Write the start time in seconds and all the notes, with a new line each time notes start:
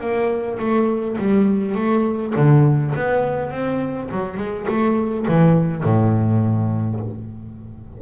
0.00 A#3
0.59 A3
1.18 G3
1.75 A3
2.36 D3
2.95 B3
3.51 C4
4.11 F#3
4.37 G#3
4.68 A3
5.28 E3
5.84 A2